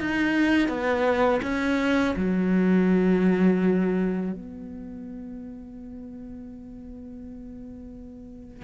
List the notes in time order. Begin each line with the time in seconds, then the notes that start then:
0.00 D#4
0.68 B3
1.42 C#4
2.16 F#3
4.32 B3